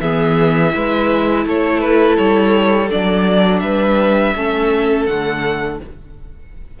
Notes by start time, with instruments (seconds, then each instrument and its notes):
0.00 cello E3, viola B3, violin G#4 E5
0.69 cello G#3, viola E4, violin B4
1.45 cello A3, violin A4 C#5
1.80 violin B4
2.17 cello G3, violin C#5
2.89 cello F#3, viola D4, violin D5
3.59 cello G3, violin B4 E5
4.34 cello A3, viola C#4, violin A4
5.06 cello D3, viola A3, violin F#5